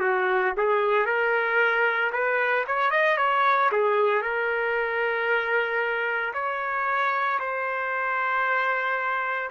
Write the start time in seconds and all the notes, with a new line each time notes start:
0.00 F#4
0.57 G#4
1.06 A#4
2.12 B4
2.67 C#5
2.91 D#5
3.17 C#5
3.72 G#4
4.22 A#4
6.34 C#5
7.39 C5